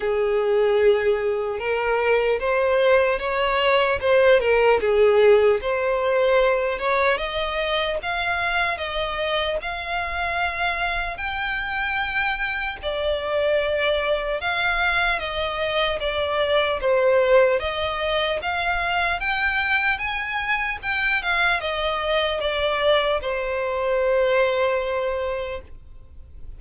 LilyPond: \new Staff \with { instrumentName = "violin" } { \time 4/4 \tempo 4 = 75 gis'2 ais'4 c''4 | cis''4 c''8 ais'8 gis'4 c''4~ | c''8 cis''8 dis''4 f''4 dis''4 | f''2 g''2 |
d''2 f''4 dis''4 | d''4 c''4 dis''4 f''4 | g''4 gis''4 g''8 f''8 dis''4 | d''4 c''2. | }